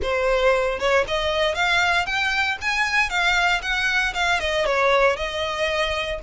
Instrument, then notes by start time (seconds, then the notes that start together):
violin
0.02 C5
0.79 C#5
1.07 D#5
1.54 F5
2.05 G5
2.61 G#5
3.09 F5
3.62 F#5
4.14 F5
4.40 D#5
4.65 C#5
5.16 D#5